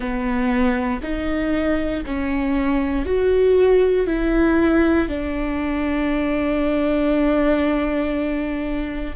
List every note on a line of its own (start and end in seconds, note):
0.00 1.01 B3
1.02 2.04 D#4
2.05 3.05 C#4
3.05 4.06 F#4
4.06 5.08 E4
5.08 9.15 D4